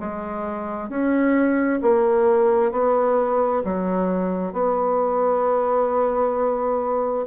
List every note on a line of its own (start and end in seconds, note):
0.00 0.89 G#3
0.89 1.80 C#4
1.83 2.72 A#3
2.72 3.63 B3
3.65 4.53 F#3
4.53 7.26 B3